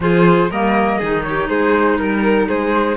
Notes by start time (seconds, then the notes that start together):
0.00 F3 F4 G#4 C5
0.50 G3 A#3 A#4 D#5
0.98 D#3 D#4 G#4
1.23 G4 C#5
1.48 G#3 G#4 C5
1.97 G3 A#4
2.48 G#3 G#4 C5